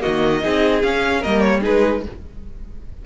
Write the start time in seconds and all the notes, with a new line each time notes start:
0.00 A#3 F#4 D#5
0.07 D#3
0.43 C4 D#4 G#4
0.83 C#4 F5
1.21 G3 A#3 A#4 D#5
1.41 C#5
1.62 G#3 D#4 G#4 B4